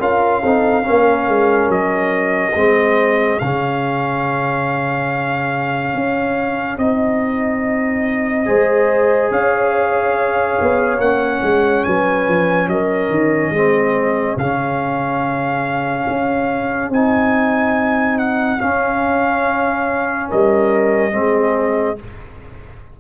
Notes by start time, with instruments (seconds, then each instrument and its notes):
0.00 tuba C#4, trombone F4, horn A#4, trumpet F5
0.42 tuba C4, trombone D#4, horn A4
0.83 trombone C#4, horn A#4
0.90 tuba A#3
1.28 tuba G#3
1.68 tuba F#3, trumpet D#5
2.56 tuba G#3, trombone C4, horn G#4
3.39 tuba C#3, trombone C#4, trumpet F5
5.95 tuba C#4
6.78 tuba C4, trombone D#4, trumpet D#5
8.46 tuba G#3, trombone G#4, horn C5
9.31 tuba C#4, horn C#5, trumpet F5
10.61 tuba B3
10.99 tuba A#3, trombone C#4, trumpet F#5
11.42 tuba G#3
11.84 tuba F#3, horn B4, trumpet G#5
12.28 tuba F3
12.68 tuba F#3, horn A#4, trumpet D#5
13.10 tuba D#3
13.51 tuba G#3, trombone C4, horn G#4
14.37 tuba C#3, trombone C#4, trumpet F5
16.08 tuba C#4
16.89 tuba C4, trombone D#4, trumpet G#5
18.18 trumpet F#5
18.59 trombone C#4, tuba C#4, trumpet F5
20.29 tuba G3, horn A#4, trumpet D#5
21.12 tuba G#3, trombone C4, horn G#4